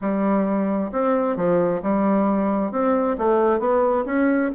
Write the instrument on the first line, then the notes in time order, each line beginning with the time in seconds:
bassoon
0.01 G3
0.92 C4
1.36 F3
1.82 G3
2.71 C4
3.18 A3
3.59 B3
4.05 C#4